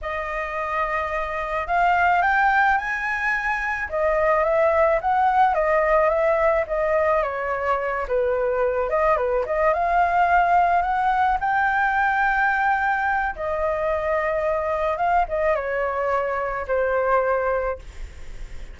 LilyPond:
\new Staff \with { instrumentName = "flute" } { \time 4/4 \tempo 4 = 108 dis''2. f''4 | g''4 gis''2 dis''4 | e''4 fis''4 dis''4 e''4 | dis''4 cis''4. b'4. |
dis''8 b'8 dis''8 f''2 fis''8~ | fis''8 g''2.~ g''8 | dis''2. f''8 dis''8 | cis''2 c''2 | }